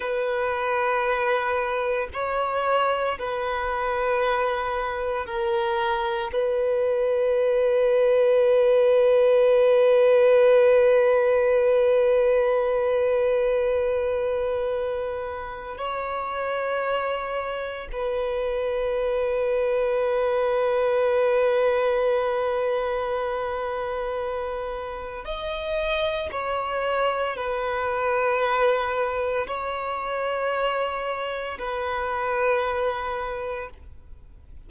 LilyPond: \new Staff \with { instrumentName = "violin" } { \time 4/4 \tempo 4 = 57 b'2 cis''4 b'4~ | b'4 ais'4 b'2~ | b'1~ | b'2. cis''4~ |
cis''4 b'2.~ | b'1 | dis''4 cis''4 b'2 | cis''2 b'2 | }